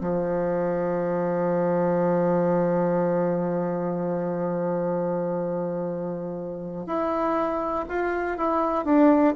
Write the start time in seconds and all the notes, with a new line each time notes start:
0.00 F3
6.86 E4
7.88 F4
8.37 E4
8.85 D4